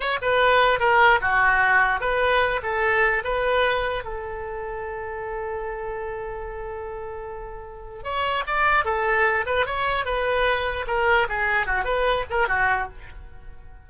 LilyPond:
\new Staff \with { instrumentName = "oboe" } { \time 4/4 \tempo 4 = 149 cis''8 b'4. ais'4 fis'4~ | fis'4 b'4. a'4. | b'2 a'2~ | a'1~ |
a'1 | cis''4 d''4 a'4. b'8 | cis''4 b'2 ais'4 | gis'4 fis'8 b'4 ais'8 fis'4 | }